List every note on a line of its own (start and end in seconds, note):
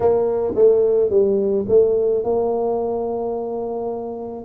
0.00 0.53 A#3
0.55 1.10 A3
1.10 1.65 G3
1.68 2.23 A3
2.23 4.44 A#3